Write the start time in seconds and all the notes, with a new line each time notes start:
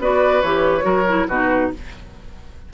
0.00 B3 F#4 B4 D5
0.42 E3 G4 C#5
0.82 F#3 F#4 A#4
1.09 E4
1.29 B2 D#4 F#4 B4